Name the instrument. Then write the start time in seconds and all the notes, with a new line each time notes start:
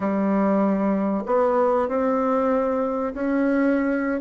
bassoon
0.00 G3
1.26 B3
1.88 C4
3.13 C#4